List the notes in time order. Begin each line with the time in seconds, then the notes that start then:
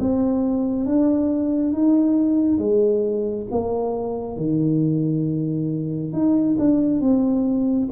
0.00 C4
0.86 D4
1.73 D#4
2.59 G#3
3.51 A#3
4.37 D#3
6.13 D#4
6.59 D4
7.01 C4